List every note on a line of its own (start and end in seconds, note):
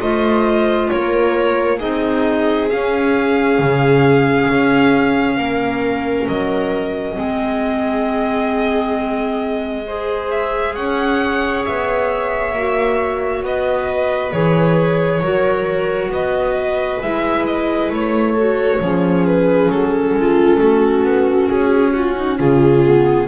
0.00 0.90 A3
0.00 1.79 F4
0.00 0.90 C5
0.00 0.89 D#5
0.89 1.82 A#3
0.89 1.77 A#4
0.89 1.79 C#5
1.77 2.72 C4
1.77 2.68 D#4
1.77 5.35 G#4
1.77 2.69 D#5
2.69 7.14 C#4
2.69 3.58 C#4
2.69 6.27 F5
3.58 4.48 C#3
4.49 5.37 C#4
5.37 6.27 A#3
5.37 7.17 A#4
6.28 7.17 F#3
6.28 10.30 D#5
7.14 10.76 G#3
7.14 9.82 C4
7.14 9.86 G#4
9.86 12.55 G#4
9.86 10.75 C5
10.30 10.75 E5
10.75 11.66 C#4
10.75 13.43 C#5
10.75 11.64 F#5
11.65 12.53 B3
11.65 13.44 E5
12.53 13.42 A#3
12.53 14.32 F#4
13.42 14.32 B3
13.42 15.22 B4
13.42 14.32 D#5
14.32 15.20 E3
14.32 15.21 G#4
14.32 16.11 C#5
15.20 16.08 F#3
15.20 17.01 F#4
15.20 16.11 A#4
16.08 16.98 B3
16.08 18.33 B4
16.08 17.02 D#5
17.02 17.90 G#3
17.02 18.37 E4
17.02 17.46 E5
17.46 17.91 D#5
17.90 18.79 A3
17.90 19.26 C#5
18.33 18.82 F#4
18.33 18.78 A4
18.80 19.69 F3
18.80 22.84 C#4
18.80 20.16 G#4
19.26 19.71 B4
19.69 20.13 F#3
19.69 21.48 A4
20.13 20.58 G#3
20.20 20.60 F4
20.60 21.04 A3
20.60 21.95 F#4
21.04 21.48 B3
21.48 22.40 C#4
21.48 21.93 G#4
21.93 22.17 F4
21.93 22.38 F#4
22.17 22.38 D#4
22.38 23.27 C#3
22.38 23.27 F4
22.38 23.27 G#4
22.84 23.27 B3